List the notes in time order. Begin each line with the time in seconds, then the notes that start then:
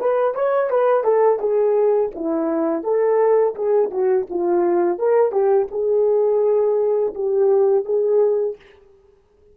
0.00 B4
0.35 C#5
0.70 B4
1.04 A4
1.39 G#4
2.15 E4
2.83 A4
3.55 G#4
3.91 F#4
4.30 F4
4.99 A#4
5.32 G4
5.71 G#4
7.15 G4
7.85 G#4